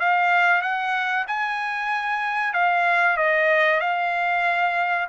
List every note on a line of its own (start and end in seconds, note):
0.00 0.62 F5
0.62 1.26 F#5
1.28 2.54 G#5
2.54 3.17 F5
3.17 3.81 D#5
3.81 5.08 F5